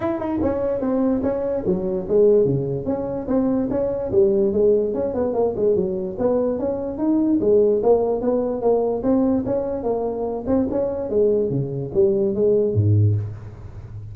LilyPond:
\new Staff \with { instrumentName = "tuba" } { \time 4/4 \tempo 4 = 146 e'8 dis'8 cis'4 c'4 cis'4 | fis4 gis4 cis4 cis'4 | c'4 cis'4 g4 gis4 | cis'8 b8 ais8 gis8 fis4 b4 |
cis'4 dis'4 gis4 ais4 | b4 ais4 c'4 cis'4 | ais4. c'8 cis'4 gis4 | cis4 g4 gis4 gis,4 | }